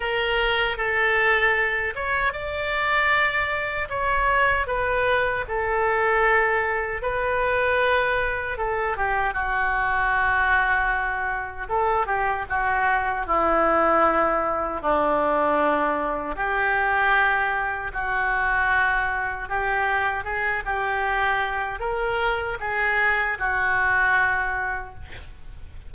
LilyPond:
\new Staff \with { instrumentName = "oboe" } { \time 4/4 \tempo 4 = 77 ais'4 a'4. cis''8 d''4~ | d''4 cis''4 b'4 a'4~ | a'4 b'2 a'8 g'8 | fis'2. a'8 g'8 |
fis'4 e'2 d'4~ | d'4 g'2 fis'4~ | fis'4 g'4 gis'8 g'4. | ais'4 gis'4 fis'2 | }